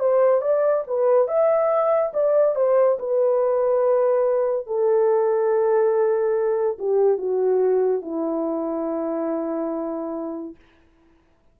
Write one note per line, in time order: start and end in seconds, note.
0.00 0.41 C5
0.41 0.84 D5
0.87 1.28 B4
1.28 2.13 E5
2.14 2.56 D5
2.56 2.98 C5
3.00 4.67 B4
4.67 6.78 A4
6.79 7.18 G4
7.18 8.02 F#4
8.02 10.56 E4